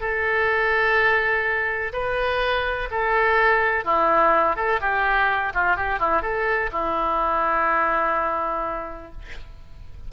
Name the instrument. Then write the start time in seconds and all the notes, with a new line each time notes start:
oboe
0.00 A4
1.92 B4
2.90 A4
3.84 E4
4.56 A4
4.80 G4
5.54 F4
5.76 G4
5.99 E4
6.22 A4
6.72 E4